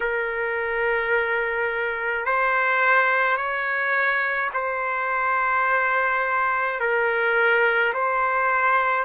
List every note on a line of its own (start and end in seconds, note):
0.00 2.25 A#4
2.25 3.37 C5
3.37 4.50 C#5
4.53 6.79 C5
6.79 7.92 A#4
7.93 9.04 C5